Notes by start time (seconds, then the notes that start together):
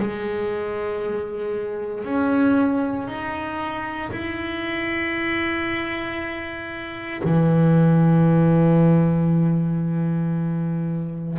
0.00 G#3
2.05 C#4
3.08 D#4
4.11 E4
7.24 E3